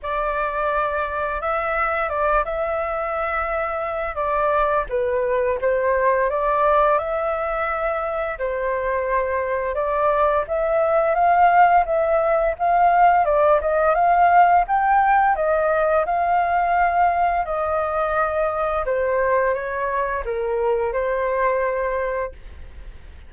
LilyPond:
\new Staff \with { instrumentName = "flute" } { \time 4/4 \tempo 4 = 86 d''2 e''4 d''8 e''8~ | e''2 d''4 b'4 | c''4 d''4 e''2 | c''2 d''4 e''4 |
f''4 e''4 f''4 d''8 dis''8 | f''4 g''4 dis''4 f''4~ | f''4 dis''2 c''4 | cis''4 ais'4 c''2 | }